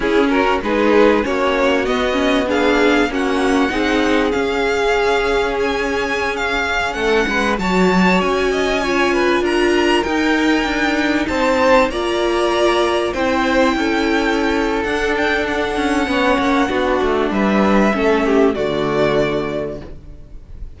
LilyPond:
<<
  \new Staff \with { instrumentName = "violin" } { \time 4/4 \tempo 4 = 97 gis'8 ais'8 b'4 cis''4 dis''4 | f''4 fis''2 f''4~ | f''4 gis''4~ gis''16 f''4 fis''8.~ | fis''16 a''4 gis''2 ais''8.~ |
ais''16 g''2 a''4 ais''8.~ | ais''4~ ais''16 g''2~ g''8. | fis''8 g''8 fis''2. | e''2 d''2 | }
  \new Staff \with { instrumentName = "violin" } { \time 4/4 e'8 fis'8 gis'4 fis'2 | gis'4 fis'4 gis'2~ | gis'2.~ gis'16 a'8 b'16~ | b'16 cis''4. dis''8 cis''8 b'8 ais'8.~ |
ais'2~ ais'16 c''4 d''8.~ | d''4~ d''16 c''4 a'4.~ a'16~ | a'2 cis''4 fis'4 | b'4 a'8 g'8 fis'2 | }
  \new Staff \with { instrumentName = "viola" } { \time 4/4 cis'4 dis'4 cis'4 b8 cis'8 | d'4 cis'4 dis'4 cis'4~ | cis'1~ | cis'16 fis'2 f'4.~ f'16~ |
f'16 dis'2. f'8.~ | f'4~ f'16 e'2~ e'8. | d'2 cis'4 d'4~ | d'4 cis'4 a2 | }
  \new Staff \with { instrumentName = "cello" } { \time 4/4 cis'4 gis4 ais4 b4~ | b4 ais4 c'4 cis'4~ | cis'2.~ cis'16 a8 gis16~ | gis16 fis4 cis'2 d'8.~ |
d'16 dis'4 d'4 c'4 ais8.~ | ais4~ ais16 c'4 cis'4.~ cis'16 | d'4. cis'8 b8 ais8 b8 a8 | g4 a4 d2 | }
>>